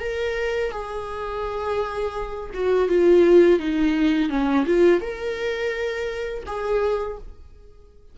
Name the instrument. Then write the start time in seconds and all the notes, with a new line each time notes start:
viola
0.00 A#4
0.72 G#4
2.54 F#4
2.89 F4
3.59 D#4
4.30 C#4
4.66 F4
5.01 A#4
6.46 G#4